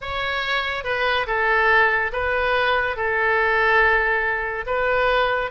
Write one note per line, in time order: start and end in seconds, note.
0.01 0.84 C#5
0.84 1.26 B4
1.27 2.11 A4
2.12 2.96 B4
2.96 4.65 A4
4.66 5.50 B4